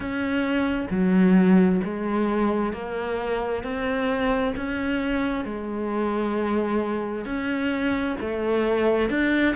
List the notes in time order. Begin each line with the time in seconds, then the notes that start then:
0.00 C#4
0.90 F#3
1.83 G#3
2.72 A#3
3.63 C4
4.56 C#4
5.44 G#3
7.25 C#4
8.20 A3
9.09 D4